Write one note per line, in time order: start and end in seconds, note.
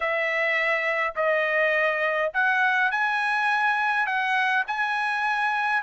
0.00 1.14 E5
1.15 2.31 D#5
2.33 2.91 F#5
2.91 4.06 G#5
4.06 4.64 F#5
4.67 5.82 G#5